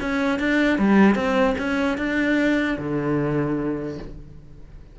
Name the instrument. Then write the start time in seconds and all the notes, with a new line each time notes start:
cello
0.00 C#4
0.39 D4
0.79 G3
1.15 C4
1.58 C#4
1.98 D4
2.79 D3